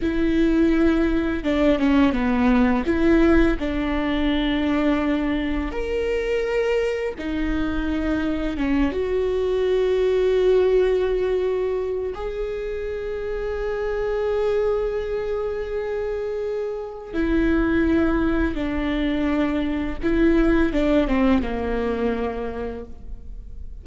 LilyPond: \new Staff \with { instrumentName = "viola" } { \time 4/4 \tempo 4 = 84 e'2 d'8 cis'8 b4 | e'4 d'2. | ais'2 dis'2 | cis'8 fis'2.~ fis'8~ |
fis'4 gis'2.~ | gis'1 | e'2 d'2 | e'4 d'8 c'8 ais2 | }